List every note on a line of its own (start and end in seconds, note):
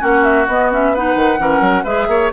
0.00 0.47 A#3
0.00 0.46 C#4
0.00 0.92 F#4
0.00 0.23 F#5
0.23 0.46 E5
0.47 1.16 B3
0.47 0.72 B3
0.47 0.72 D#5
0.72 0.95 C#4
0.72 0.95 E5
0.94 1.38 D#4
0.94 1.40 B4
0.94 1.85 F#5
1.16 1.39 D#3
1.38 1.60 E3
1.38 1.84 C#4
1.38 1.84 A#4
1.60 1.83 F#3
1.84 2.08 G#3
1.84 2.32 G#4
1.84 2.07 B4
1.84 2.30 E5
2.08 2.31 A#3
2.08 2.33 C#5